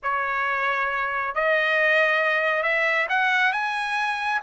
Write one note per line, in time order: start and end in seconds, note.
0.02 1.34 C#5
1.34 2.62 D#5
2.62 3.06 E5
3.09 3.52 F#5
3.52 4.40 G#5